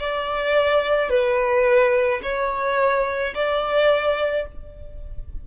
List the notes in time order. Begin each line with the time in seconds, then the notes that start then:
0.00 D5
1.10 B4
2.23 C#5
3.35 D5